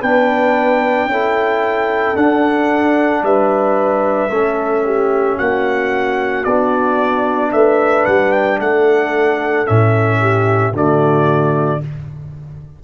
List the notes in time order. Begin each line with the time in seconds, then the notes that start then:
0.00 B3 D4 B4 G5
1.05 C#4 E4 A4
2.15 D4 F#5
3.22 G3 B4 E5
4.30 A3 C#4 A4
4.85 G4
5.36 A#3 F#4 F#5
6.44 B3 D4 D5
7.52 A3 B4 E5
8.05 G3 F#5
8.31 G5
8.59 A3 A4 F#5
9.66 A2 C#4 E5
10.20 G4
10.72 D3 A3 F#4 D5